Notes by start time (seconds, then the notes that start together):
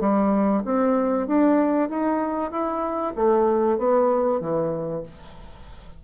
0.00 G3
0.65 C4
1.27 D4
1.89 D#4
2.51 E4
3.15 A3
3.78 B3
4.40 E3